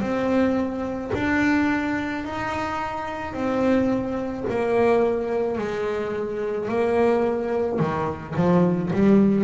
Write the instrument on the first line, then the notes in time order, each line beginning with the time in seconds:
double bass
0.00 C4
1.14 D4
2.24 D#4
3.33 C4
4.49 A#3
5.58 G#3
6.68 A#3
7.79 D#3
8.35 F3
8.92 G3